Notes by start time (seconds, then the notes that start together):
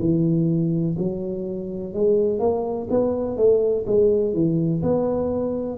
0.00 E3
0.99 F#3
1.94 G#3
2.39 A#3
2.90 B3
3.37 A3
3.87 G#3
4.34 E3
4.83 B3